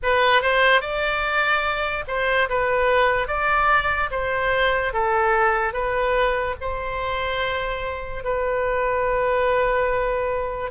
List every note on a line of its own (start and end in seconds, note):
0.03 0.41 B4
0.41 0.81 C5
0.81 2.04 D5
2.07 2.48 C5
2.49 3.27 B4
3.27 4.09 D5
4.11 4.93 C5
4.93 5.73 A4
5.73 6.55 B4
6.61 8.24 C5
8.24 10.70 B4